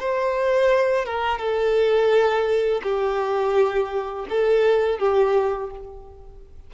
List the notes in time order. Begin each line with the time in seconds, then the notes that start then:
0.00 C5
1.06 A#4
1.39 A4
2.83 G4
4.30 A4
4.99 G4